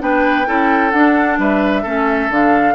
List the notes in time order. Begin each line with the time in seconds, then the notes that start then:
0.00 B3 D4 B4 G5
0.46 C#4 E4 A4
0.91 D4 F#5
1.39 G3 B4 E5
1.83 A3 C#4 A4
2.30 D3 D4 F5